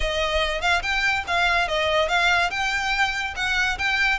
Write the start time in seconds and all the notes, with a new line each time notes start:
0.00 D#5
0.61 F5
0.82 G5
1.27 F5
1.68 D#5
2.08 F5
2.50 G5
3.36 F#5
3.78 G5